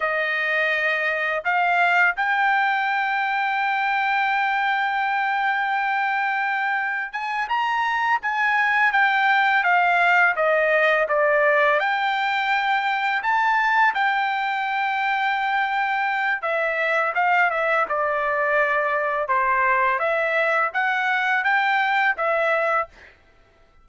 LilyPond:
\new Staff \with { instrumentName = "trumpet" } { \time 4/4 \tempo 4 = 84 dis''2 f''4 g''4~ | g''1~ | g''2 gis''8 ais''4 gis''8~ | gis''8 g''4 f''4 dis''4 d''8~ |
d''8 g''2 a''4 g''8~ | g''2. e''4 | f''8 e''8 d''2 c''4 | e''4 fis''4 g''4 e''4 | }